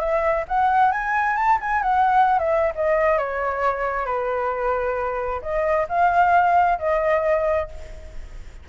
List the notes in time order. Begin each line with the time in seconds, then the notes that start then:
0.00 E5
0.48 F#5
0.92 G#5
1.37 A5
1.61 G#5
1.83 F#5
2.39 E5
2.76 D#5
3.18 C#5
4.06 B4
5.42 D#5
5.89 F5
6.79 D#5